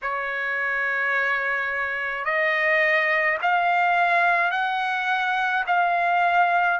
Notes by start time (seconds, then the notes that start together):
0.02 C#5
2.24 D#5
3.42 F5
4.51 F#5
5.66 F5